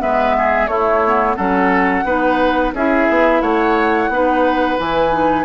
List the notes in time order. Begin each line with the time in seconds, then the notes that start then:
0.00 G#3 B3 B4 E5
0.38 G#4
0.67 A3 E4 C#5
1.07 B3
1.37 F#3 C#4 A4 F#5
2.05 B3 D#4 B4
2.73 C#4 E4 G#4 E5
3.10 B3
3.42 A3 C#5 F#5
4.09 B3 D#4 B4
4.79 E3 E4 G#5
5.12 D#4